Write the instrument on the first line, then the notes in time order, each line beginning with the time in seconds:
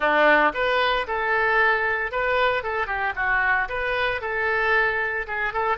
oboe
0.00 D4
0.54 B4
1.07 A4
2.11 B4
2.63 A4
2.87 G4
3.15 F#4
3.68 B4
4.21 A4
5.27 G#4
5.53 A4